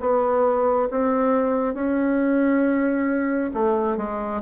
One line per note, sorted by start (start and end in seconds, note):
0.00 0.88 B3
0.90 1.74 C4
1.74 3.50 C#4
3.54 3.97 A3
3.97 4.41 G#3